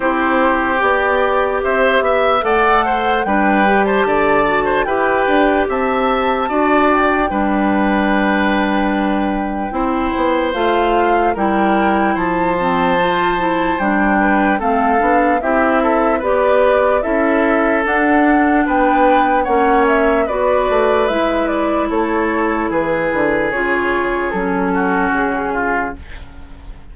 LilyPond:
<<
  \new Staff \with { instrumentName = "flute" } { \time 4/4 \tempo 4 = 74 c''4 d''4 e''4 fis''4 | g''8. a''4~ a''16 g''4 a''4~ | a''8 g''2.~ g''8~ | g''4 f''4 g''4 a''4~ |
a''4 g''4 f''4 e''4 | d''4 e''4 fis''4 g''4 | fis''8 e''8 d''4 e''8 d''8 cis''4 | b'4 cis''4 a'4 gis'4 | }
  \new Staff \with { instrumentName = "oboe" } { \time 4/4 g'2 c''8 e''8 d''8 c''8 | b'8. c''16 d''8. c''16 b'4 e''4 | d''4 b'2. | c''2 ais'4 c''4~ |
c''4. b'8 a'4 g'8 a'8 | b'4 a'2 b'4 | cis''4 b'2 a'4 | gis'2~ gis'8 fis'4 f'8 | }
  \new Staff \with { instrumentName = "clarinet" } { \time 4/4 e'4 g'2 a'4 | d'8 g'4 fis'8 g'2 | fis'4 d'2. | e'4 f'4 e'4. c'8 |
f'8 e'8 d'4 c'8 d'8 e'4 | g'4 e'4 d'2 | cis'4 fis'4 e'2~ | e'4 f'4 cis'2 | }
  \new Staff \with { instrumentName = "bassoon" } { \time 4/4 c'4 b4 c'8 b8 a4 | g4 d4 e'8 d'8 c'4 | d'4 g2. | c'8 b8 a4 g4 f4~ |
f4 g4 a8 b8 c'4 | b4 cis'4 d'4 b4 | ais4 b8 a8 gis4 a4 | e8 d8 cis4 fis4 cis4 | }
>>